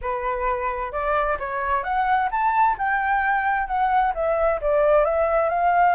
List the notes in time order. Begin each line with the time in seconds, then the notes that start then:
0.01 B4
0.92 D5
1.39 C#5
1.83 F#5
2.31 A5
2.78 G5
3.67 F#5
4.14 E5
4.61 D5
5.04 E5
5.49 F5